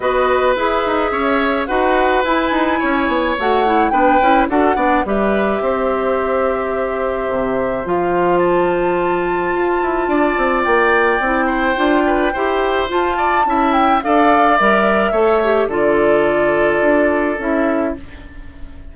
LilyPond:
<<
  \new Staff \with { instrumentName = "flute" } { \time 4/4 \tempo 4 = 107 dis''4 e''2 fis''4 | gis''2 fis''4 g''4 | fis''4 e''2.~ | e''2 f''4 a''4~ |
a''2. g''4~ | g''2. a''4~ | a''8 g''8 f''4 e''2 | d''2. e''4 | }
  \new Staff \with { instrumentName = "oboe" } { \time 4/4 b'2 cis''4 b'4~ | b'4 cis''2 b'4 | a'8 d''8 b'4 c''2~ | c''1~ |
c''2 d''2~ | d''8 c''4 b'8 c''4. d''8 | e''4 d''2 cis''4 | a'1 | }
  \new Staff \with { instrumentName = "clarinet" } { \time 4/4 fis'4 gis'2 fis'4 | e'2 fis'8 e'8 d'8 e'8 | fis'8 d'8 g'2.~ | g'2 f'2~ |
f'1 | e'4 f'4 g'4 f'4 | e'4 a'4 ais'4 a'8 g'8 | f'2. e'4 | }
  \new Staff \with { instrumentName = "bassoon" } { \time 4/4 b4 e'8 dis'8 cis'4 dis'4 | e'8 dis'8 cis'8 b8 a4 b8 cis'8 | d'8 b8 g4 c'2~ | c'4 c4 f2~ |
f4 f'8 e'8 d'8 c'8 ais4 | c'4 d'4 e'4 f'4 | cis'4 d'4 g4 a4 | d2 d'4 cis'4 | }
>>